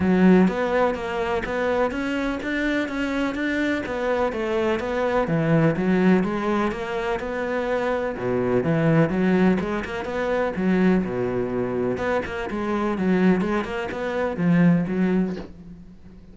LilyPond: \new Staff \with { instrumentName = "cello" } { \time 4/4 \tempo 4 = 125 fis4 b4 ais4 b4 | cis'4 d'4 cis'4 d'4 | b4 a4 b4 e4 | fis4 gis4 ais4 b4~ |
b4 b,4 e4 fis4 | gis8 ais8 b4 fis4 b,4~ | b,4 b8 ais8 gis4 fis4 | gis8 ais8 b4 f4 fis4 | }